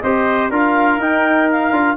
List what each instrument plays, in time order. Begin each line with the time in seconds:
0.00 tuba C4, trombone G4, trumpet C5, clarinet D#5
0.50 tuba D4, trombone F4, trumpet A#4, clarinet F5
0.98 tuba D#4, trombone D#4, clarinet G5
1.51 clarinet F5
1.71 tuba D4, trombone F4